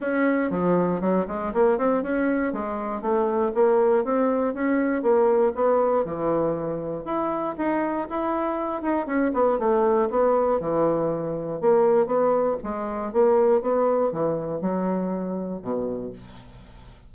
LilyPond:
\new Staff \with { instrumentName = "bassoon" } { \time 4/4 \tempo 4 = 119 cis'4 f4 fis8 gis8 ais8 c'8 | cis'4 gis4 a4 ais4 | c'4 cis'4 ais4 b4 | e2 e'4 dis'4 |
e'4. dis'8 cis'8 b8 a4 | b4 e2 ais4 | b4 gis4 ais4 b4 | e4 fis2 b,4 | }